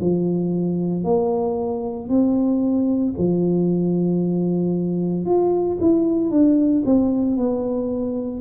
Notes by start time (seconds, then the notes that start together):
0.00 F3
1.04 A#3
2.09 C4
3.18 F3
5.25 F4
5.80 E4
6.30 D4
6.85 C4
7.37 B3